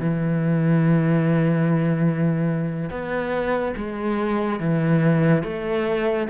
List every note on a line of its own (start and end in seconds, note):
0.00 2.90 E3
2.90 3.75 B3
3.77 4.60 G#3
4.60 5.44 E3
5.44 6.28 A3